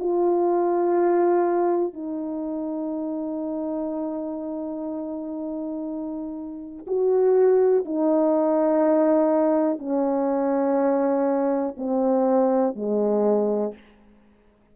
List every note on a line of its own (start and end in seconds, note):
0.00 1.94 F4
1.94 6.86 D#4
6.87 7.85 F#4
7.85 9.79 D#4
9.79 11.75 C#4
11.78 12.76 C4
12.76 13.74 G#3